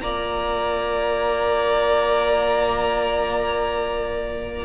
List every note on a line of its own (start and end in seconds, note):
0.00 4.64 A#3
0.00 4.64 F4
0.00 4.64 D5
0.00 4.64 A#5